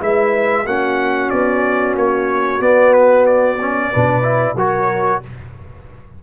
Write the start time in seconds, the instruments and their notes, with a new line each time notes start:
0.00 tuba G#3, trombone E4, horn B4, trumpet E5
0.65 tuba A#3, trombone C#4, horn F#4, trumpet F#5
1.30 tuba B3, trumpet D5
1.96 tuba A#3, trumpet C#5
2.60 trombone B3, tuba B3, trumpet D5
2.93 trumpet B4
3.26 trumpet D5
3.61 trombone C#4
3.91 tuba B2, trombone D4, horn B4
4.23 trombone E4
4.56 tuba F#3, trombone F#4, horn A#4, trumpet C#5